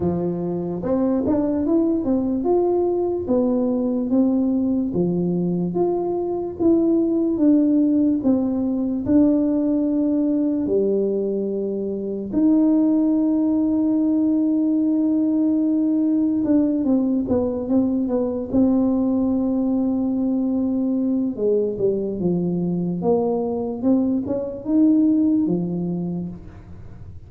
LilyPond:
\new Staff \with { instrumentName = "tuba" } { \time 4/4 \tempo 4 = 73 f4 c'8 d'8 e'8 c'8 f'4 | b4 c'4 f4 f'4 | e'4 d'4 c'4 d'4~ | d'4 g2 dis'4~ |
dis'1 | d'8 c'8 b8 c'8 b8 c'4.~ | c'2 gis8 g8 f4 | ais4 c'8 cis'8 dis'4 f4 | }